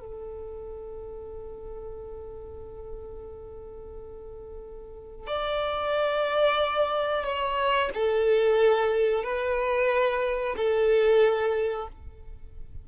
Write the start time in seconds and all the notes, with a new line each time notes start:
0.00 A4
5.27 D5
7.24 C#5
7.94 A4
9.24 B4
10.57 A4